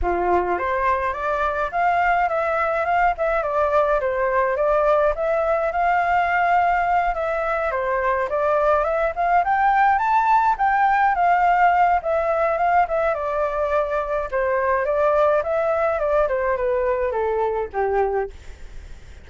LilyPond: \new Staff \with { instrumentName = "flute" } { \time 4/4 \tempo 4 = 105 f'4 c''4 d''4 f''4 | e''4 f''8 e''8 d''4 c''4 | d''4 e''4 f''2~ | f''8 e''4 c''4 d''4 e''8 |
f''8 g''4 a''4 g''4 f''8~ | f''4 e''4 f''8 e''8 d''4~ | d''4 c''4 d''4 e''4 | d''8 c''8 b'4 a'4 g'4 | }